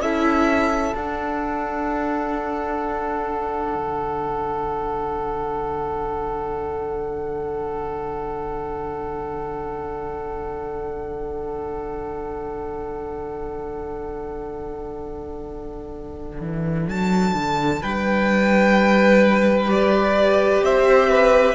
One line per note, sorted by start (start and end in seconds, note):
0.00 0.94 C#4
0.00 0.95 E4
0.00 17.82 A4
0.00 0.95 E5
0.95 3.75 D4
0.95 19.68 D4
0.95 16.90 F#5
3.75 16.41 D3
16.41 16.88 E3
16.88 17.34 F#3
16.88 17.83 A5
17.34 17.81 D3
17.82 20.62 G3
17.82 20.64 B4
17.82 19.70 G5
19.68 21.55 G4
19.68 20.65 D5
20.62 21.55 C4
20.62 21.10 C5
20.62 21.55 E5
21.10 21.55 B4